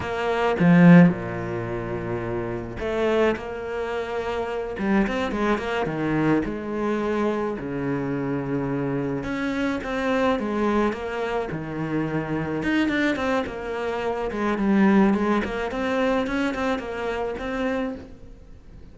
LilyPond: \new Staff \with { instrumentName = "cello" } { \time 4/4 \tempo 4 = 107 ais4 f4 ais,2~ | ais,4 a4 ais2~ | ais8 g8 c'8 gis8 ais8 dis4 gis8~ | gis4. cis2~ cis8~ |
cis8 cis'4 c'4 gis4 ais8~ | ais8 dis2 dis'8 d'8 c'8 | ais4. gis8 g4 gis8 ais8 | c'4 cis'8 c'8 ais4 c'4 | }